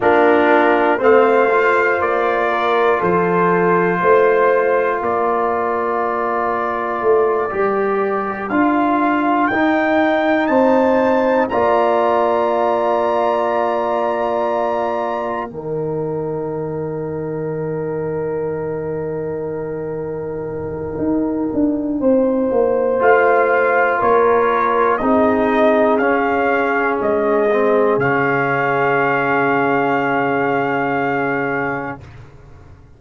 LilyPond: <<
  \new Staff \with { instrumentName = "trumpet" } { \time 4/4 \tempo 4 = 60 ais'4 f''4 d''4 c''4~ | c''4 d''2.~ | d''8 f''4 g''4 a''4 ais''8~ | ais''2.~ ais''8 g''8~ |
g''1~ | g''2. f''4 | cis''4 dis''4 f''4 dis''4 | f''1 | }
  \new Staff \with { instrumentName = "horn" } { \time 4/4 f'4 c''4. ais'8 a'4 | c''4 ais'2.~ | ais'2~ ais'8 c''4 d''8~ | d''2.~ d''8 ais'8~ |
ais'1~ | ais'2 c''2 | ais'4 gis'2.~ | gis'1 | }
  \new Staff \with { instrumentName = "trombone" } { \time 4/4 d'4 c'8 f'2~ f'8~ | f'2.~ f'8 g'8~ | g'8 f'4 dis'2 f'8~ | f'2.~ f'8 dis'8~ |
dis'1~ | dis'2. f'4~ | f'4 dis'4 cis'4. c'8 | cis'1 | }
  \new Staff \with { instrumentName = "tuba" } { \time 4/4 ais4 a4 ais4 f4 | a4 ais2 a8 g8~ | g8 d'4 dis'4 c'4 ais8~ | ais2.~ ais8 dis8~ |
dis1~ | dis4 dis'8 d'8 c'8 ais8 a4 | ais4 c'4 cis'4 gis4 | cis1 | }
>>